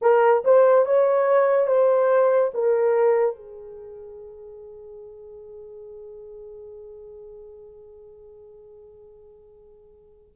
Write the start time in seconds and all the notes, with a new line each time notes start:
0.01 A#4
0.44 C5
0.85 C#5
1.67 C5
2.54 A#4
3.35 G#4